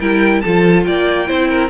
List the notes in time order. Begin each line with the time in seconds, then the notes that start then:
0.00 G3 E4 A#4 G5
0.41 F3 F4 A4 A5
0.84 A#3 D5 G5
1.27 C4 E4 C5
1.50 A#4